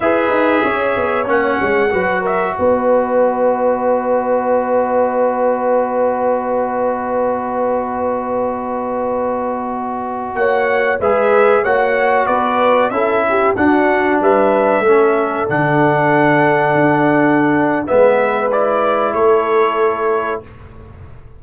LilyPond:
<<
  \new Staff \with { instrumentName = "trumpet" } { \time 4/4 \tempo 4 = 94 e''2 fis''4. e''8 | dis''1~ | dis''1~ | dis''1~ |
dis''16 fis''4 e''4 fis''4 d''8.~ | d''16 e''4 fis''4 e''4.~ e''16~ | e''16 fis''2.~ fis''8. | e''4 d''4 cis''2 | }
  \new Staff \with { instrumentName = "horn" } { \time 4/4 b'4 cis''2 b'8 ais'8 | b'1~ | b'1~ | b'1~ |
b'16 cis''4 b'4 cis''4 b'8.~ | b'16 a'8 g'8 fis'4 b'4 a'8.~ | a'1 | b'2 a'2 | }
  \new Staff \with { instrumentName = "trombone" } { \time 4/4 gis'2 cis'4 fis'4~ | fis'1~ | fis'1~ | fis'1~ |
fis'4~ fis'16 gis'4 fis'4.~ fis'16~ | fis'16 e'4 d'2 cis'8.~ | cis'16 d'2.~ d'8. | b4 e'2. | }
  \new Staff \with { instrumentName = "tuba" } { \time 4/4 e'8 dis'8 cis'8 b8 ais8 gis8 fis4 | b1~ | b1~ | b1~ |
b16 ais4 gis4 ais4 b8.~ | b16 cis'4 d'4 g4 a8.~ | a16 d2 d'4.~ d'16 | gis2 a2 | }
>>